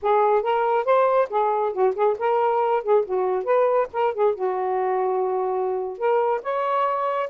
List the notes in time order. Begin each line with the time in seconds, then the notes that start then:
0.02 G#4
0.42 A#4
0.85 C5
1.29 G#4
1.72 F#4
1.95 G#4
2.19 A#4
2.83 G#4
3.05 F#4
3.44 B4
3.92 A#4
4.14 G#4
4.35 F#4
5.97 A#4
6.42 C#5